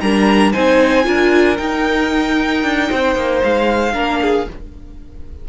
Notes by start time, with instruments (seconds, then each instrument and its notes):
0.00 cello G3, viola D4, violin A#4 A#5
0.52 cello C4, viola D#4, violin C5 G#5
1.04 cello D4, viola F4, violin A#4
1.57 viola D#4, cello D#4, violin G5
2.63 cello D4
2.89 cello C4, violin C5
3.16 cello A#3
3.43 cello G#3, violin F5
3.93 cello A#3, viola D4, violin A#4
4.21 violin G#4